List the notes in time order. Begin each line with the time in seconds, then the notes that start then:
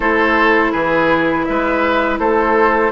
0.00 A3 E4 A4 C5
0.71 E3 G#4 B4
1.44 G#3 B4 E5
2.19 A3 A4 C5